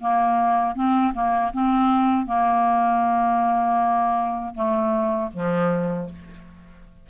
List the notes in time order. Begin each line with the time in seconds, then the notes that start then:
0.00 A#3
0.75 C4
1.14 A#3
1.53 C4
2.26 A#3
4.55 A3
5.33 F3